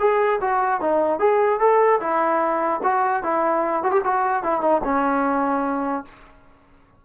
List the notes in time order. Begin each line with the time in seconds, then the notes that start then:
0.00 G#4
0.41 F#4
0.81 D#4
1.20 G#4
1.60 A4
2.01 E4
2.83 F#4
3.23 E4
3.84 F#4
3.92 G4
4.04 F#4
4.44 E4
4.61 D#4
4.84 C#4